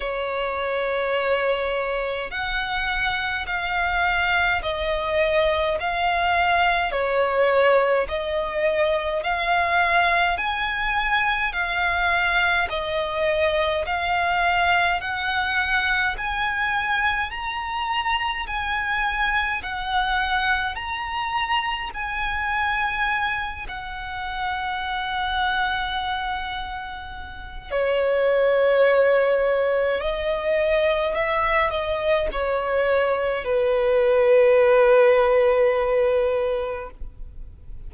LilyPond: \new Staff \with { instrumentName = "violin" } { \time 4/4 \tempo 4 = 52 cis''2 fis''4 f''4 | dis''4 f''4 cis''4 dis''4 | f''4 gis''4 f''4 dis''4 | f''4 fis''4 gis''4 ais''4 |
gis''4 fis''4 ais''4 gis''4~ | gis''8 fis''2.~ fis''8 | cis''2 dis''4 e''8 dis''8 | cis''4 b'2. | }